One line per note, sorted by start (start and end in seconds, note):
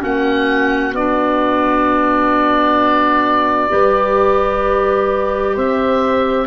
0.00 0.92 A#3
0.00 0.92 C#4
0.00 3.70 F#4
0.00 0.95 F#5
0.92 3.69 B3
0.92 3.69 D4
0.92 5.57 D5
3.69 5.56 G3
3.69 6.46 G4
3.69 5.54 B4
5.54 6.47 C4
5.54 6.47 C5
5.54 6.47 E5